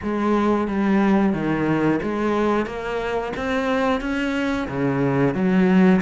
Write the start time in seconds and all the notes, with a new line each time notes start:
0.02 G#3
0.67 G3
1.33 D#3
2.02 G#3
2.65 A#3
3.36 C4
4.01 C#4
4.68 C#3
5.34 F#3